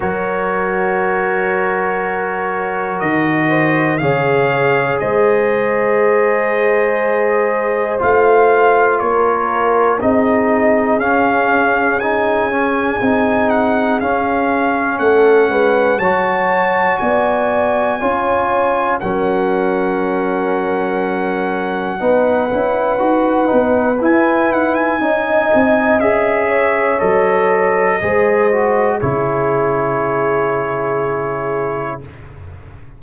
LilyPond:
<<
  \new Staff \with { instrumentName = "trumpet" } { \time 4/4 \tempo 4 = 60 cis''2. dis''4 | f''4 dis''2. | f''4 cis''4 dis''4 f''4 | gis''4. fis''8 f''4 fis''4 |
a''4 gis''2 fis''4~ | fis''1 | gis''8 fis''16 gis''4~ gis''16 e''4 dis''4~ | dis''4 cis''2. | }
  \new Staff \with { instrumentName = "horn" } { \time 4/4 ais'2.~ ais'8 c''8 | cis''4 c''2.~ | c''4 ais'4 gis'2~ | gis'2. a'8 b'8 |
cis''4 d''4 cis''4 ais'4~ | ais'2 b'2~ | b'4 dis''4. cis''4. | c''4 gis'2. | }
  \new Staff \with { instrumentName = "trombone" } { \time 4/4 fis'1 | gis'1 | f'2 dis'4 cis'4 | dis'8 cis'8 dis'4 cis'2 |
fis'2 f'4 cis'4~ | cis'2 dis'8 e'8 fis'8 dis'8 | e'4 dis'4 gis'4 a'4 | gis'8 fis'8 e'2. | }
  \new Staff \with { instrumentName = "tuba" } { \time 4/4 fis2. dis4 | cis4 gis2. | a4 ais4 c'4 cis'4~ | cis'4 c'4 cis'4 a8 gis8 |
fis4 b4 cis'4 fis4~ | fis2 b8 cis'8 dis'8 b8 | e'8 dis'8 cis'8 c'8 cis'4 fis4 | gis4 cis2. | }
>>